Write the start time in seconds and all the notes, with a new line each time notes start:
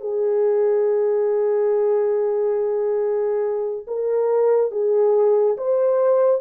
0.00 G#4
3.86 A#4
4.71 G#4
5.57 C5